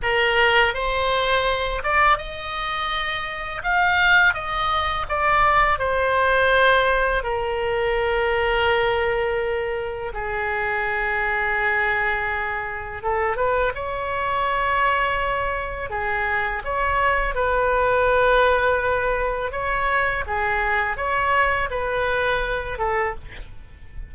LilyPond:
\new Staff \with { instrumentName = "oboe" } { \time 4/4 \tempo 4 = 83 ais'4 c''4. d''8 dis''4~ | dis''4 f''4 dis''4 d''4 | c''2 ais'2~ | ais'2 gis'2~ |
gis'2 a'8 b'8 cis''4~ | cis''2 gis'4 cis''4 | b'2. cis''4 | gis'4 cis''4 b'4. a'8 | }